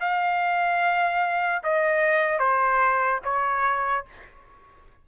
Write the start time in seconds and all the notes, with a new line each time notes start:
0.00 F5
1.63 D#5
2.39 C5
3.24 C#5